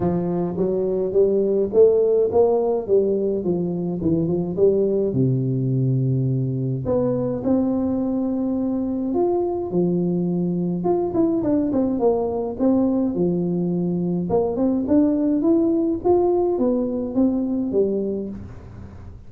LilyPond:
\new Staff \with { instrumentName = "tuba" } { \time 4/4 \tempo 4 = 105 f4 fis4 g4 a4 | ais4 g4 f4 e8 f8 | g4 c2. | b4 c'2. |
f'4 f2 f'8 e'8 | d'8 c'8 ais4 c'4 f4~ | f4 ais8 c'8 d'4 e'4 | f'4 b4 c'4 g4 | }